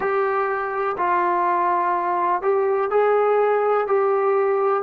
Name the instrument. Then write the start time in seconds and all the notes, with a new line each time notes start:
trombone
0.00 G4
0.97 F4
2.41 G4
2.90 G#4
3.87 G4